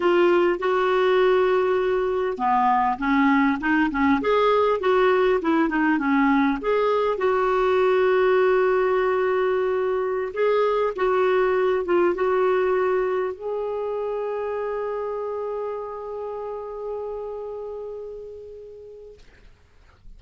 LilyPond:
\new Staff \with { instrumentName = "clarinet" } { \time 4/4 \tempo 4 = 100 f'4 fis'2. | b4 cis'4 dis'8 cis'8 gis'4 | fis'4 e'8 dis'8 cis'4 gis'4 | fis'1~ |
fis'4~ fis'16 gis'4 fis'4. f'16~ | f'16 fis'2 gis'4.~ gis'16~ | gis'1~ | gis'1 | }